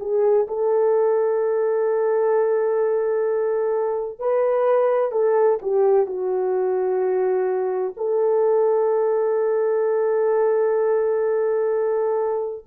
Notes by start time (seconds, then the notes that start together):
0.00 G#4
0.48 A4
4.19 B4
5.12 A4
5.62 G4
6.06 F#4
7.97 A4